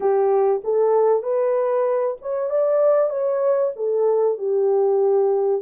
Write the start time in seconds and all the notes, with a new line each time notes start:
0.00 G4
0.64 A4
1.22 B4
2.21 C#5
2.50 D5
3.09 C#5
3.76 A4
4.38 G4